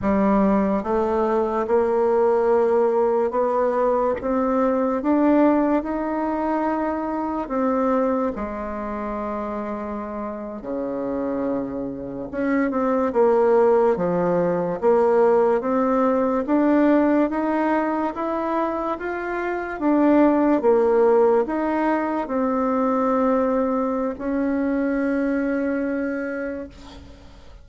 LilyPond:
\new Staff \with { instrumentName = "bassoon" } { \time 4/4 \tempo 4 = 72 g4 a4 ais2 | b4 c'4 d'4 dis'4~ | dis'4 c'4 gis2~ | gis8. cis2 cis'8 c'8 ais16~ |
ais8. f4 ais4 c'4 d'16~ | d'8. dis'4 e'4 f'4 d'16~ | d'8. ais4 dis'4 c'4~ c'16~ | c'4 cis'2. | }